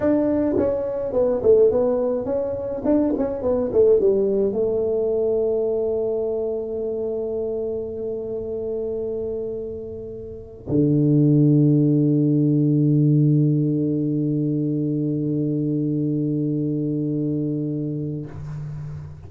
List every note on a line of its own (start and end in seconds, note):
0.00 0.56 D4
0.57 1.12 C#4
1.12 1.41 B3
1.42 1.70 A3
1.70 2.25 B3
2.25 2.82 C#4
2.84 3.13 D4
3.17 3.42 C#4
3.42 3.70 B3
3.72 3.99 A3
3.99 4.52 G3
4.52 10.67 A3
10.69 18.26 D3